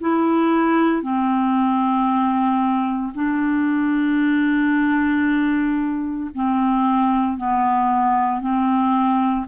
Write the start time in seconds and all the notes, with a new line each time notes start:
0.00 E4
1.02 C4
3.14 D4
6.34 C4
7.37 B3
8.41 C4